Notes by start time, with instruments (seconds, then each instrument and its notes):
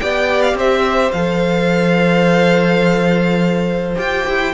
0.00 cello B3, viola G4, violin D5 G5
0.42 violin F5
0.54 cello C4, violin C5 E5
1.12 cello F3, viola A4, violin F5
3.96 cello F4, viola G4, violin G5
4.29 cello E4